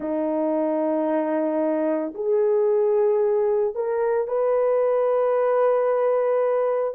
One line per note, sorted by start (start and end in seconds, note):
0.00 2.13 D#4
2.14 3.75 G#4
3.75 4.27 A#4
4.27 6.94 B4